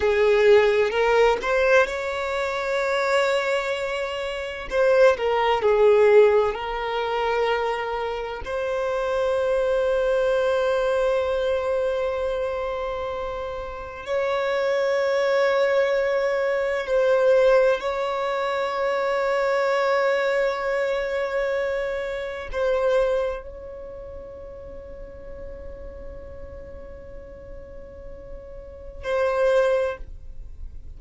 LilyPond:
\new Staff \with { instrumentName = "violin" } { \time 4/4 \tempo 4 = 64 gis'4 ais'8 c''8 cis''2~ | cis''4 c''8 ais'8 gis'4 ais'4~ | ais'4 c''2.~ | c''2. cis''4~ |
cis''2 c''4 cis''4~ | cis''1 | c''4 cis''2.~ | cis''2. c''4 | }